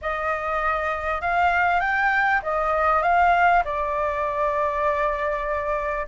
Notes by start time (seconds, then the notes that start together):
0.01 D#5
1.21 F5
1.80 G5
2.42 D#5
3.02 F5
3.64 D5